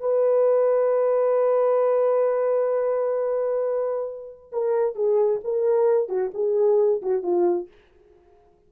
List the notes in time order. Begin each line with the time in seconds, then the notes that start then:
0.00 B4
4.52 A#4
4.95 G#4
5.44 A#4
6.09 F#4
6.34 G#4
7.02 F#4
7.23 F4